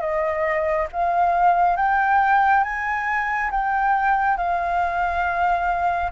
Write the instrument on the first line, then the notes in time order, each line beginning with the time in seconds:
flute
0.00 D#5
0.92 F5
1.76 G5
2.63 G#5
3.51 G5
4.37 F5